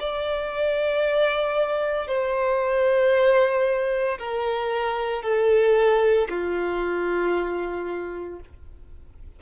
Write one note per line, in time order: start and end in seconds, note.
0.00 2.08 D5
2.08 4.18 C5
4.19 5.22 A#4
5.22 6.28 A4
6.29 8.40 F4